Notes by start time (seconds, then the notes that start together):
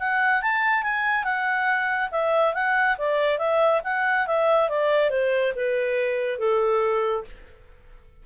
0.00 F#5
0.42 A5
0.83 G#5
1.24 F#5
2.12 E5
2.54 F#5
2.98 D5
3.39 E5
3.84 F#5
4.27 E5
4.70 D5
5.10 C5
5.56 B4
6.39 A4